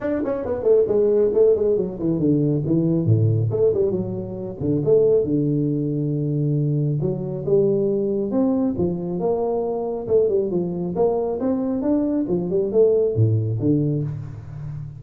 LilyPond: \new Staff \with { instrumentName = "tuba" } { \time 4/4 \tempo 4 = 137 d'8 cis'8 b8 a8 gis4 a8 gis8 | fis8 e8 d4 e4 a,4 | a8 g8 fis4. d8 a4 | d1 |
fis4 g2 c'4 | f4 ais2 a8 g8 | f4 ais4 c'4 d'4 | f8 g8 a4 a,4 d4 | }